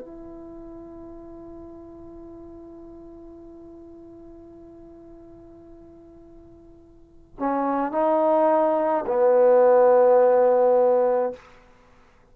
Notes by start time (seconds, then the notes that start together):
0.00 E4
7.39 C#4
7.91 D#4
9.07 B3